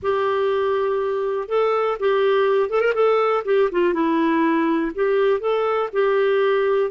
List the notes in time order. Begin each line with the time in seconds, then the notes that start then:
0.02 G4
1.48 A4
1.99 G4
2.69 A4
2.80 A#4
2.94 A4
3.44 G4
3.71 F4
3.93 E4
4.94 G4
5.40 A4
5.92 G4